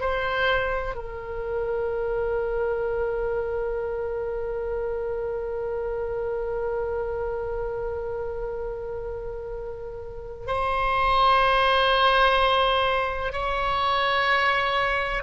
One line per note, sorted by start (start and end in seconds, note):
0.00 0.95 C5
0.95 10.47 A#4
10.47 13.32 C5
13.32 15.23 C#5